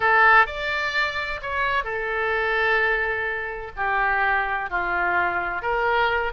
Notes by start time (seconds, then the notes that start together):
0.00 A4
0.46 D5
1.42 C#5
1.84 A4
3.76 G4
4.70 F4
5.62 A#4